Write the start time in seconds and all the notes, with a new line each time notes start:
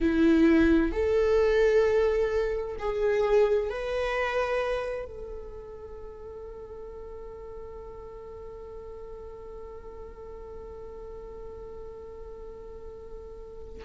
0.00 E4
0.92 A4
2.78 G#4
3.69 B4
5.05 A4